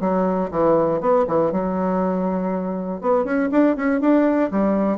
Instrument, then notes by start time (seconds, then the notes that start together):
bassoon
0.00 F#3
0.51 E3
1.00 B3
1.27 E3
1.52 F#3
3.01 B3
3.24 C#4
3.51 D4
3.76 C#4
4.00 D4
4.51 G3